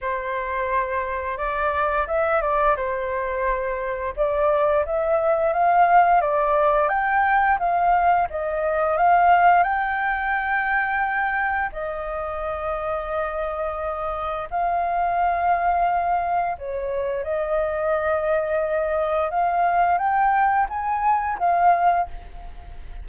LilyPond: \new Staff \with { instrumentName = "flute" } { \time 4/4 \tempo 4 = 87 c''2 d''4 e''8 d''8 | c''2 d''4 e''4 | f''4 d''4 g''4 f''4 | dis''4 f''4 g''2~ |
g''4 dis''2.~ | dis''4 f''2. | cis''4 dis''2. | f''4 g''4 gis''4 f''4 | }